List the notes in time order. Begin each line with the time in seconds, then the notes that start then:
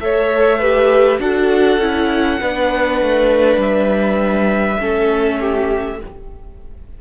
0.00 A3 A4 C#5 E5
0.59 G4 B4
1.19 D4 F#4 A4 F#5
1.78 C#4 E4
2.41 B3 D4 B4
3.02 A3
3.57 G3 E5
4.79 A3 C#4 A4
5.40 G4